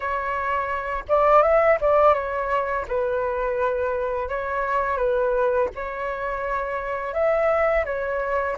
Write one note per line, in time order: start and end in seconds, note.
0.00 1.04 C#5
1.08 1.42 D5
1.42 1.78 E5
1.80 2.14 D5
2.14 2.85 C#5
2.88 4.28 B4
4.28 4.97 C#5
4.97 5.68 B4
5.75 7.13 C#5
7.13 7.84 E5
7.85 8.56 C#5